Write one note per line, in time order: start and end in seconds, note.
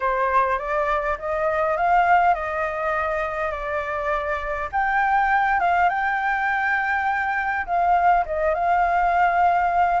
0.00 0.58 C5
0.58 1.17 D5
1.18 1.76 D#5
1.76 2.34 F5
2.34 3.51 D#5
3.51 4.68 D5
4.71 5.60 G5
5.60 5.89 F5
5.89 7.65 G5
7.66 8.24 F5
8.25 8.54 D#5
8.54 10.00 F5